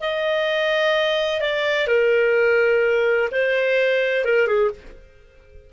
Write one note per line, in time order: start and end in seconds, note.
0.00 1.40 D#5
1.40 1.87 D5
1.87 3.29 A#4
3.31 4.25 C5
4.25 4.47 A#4
4.47 4.70 G#4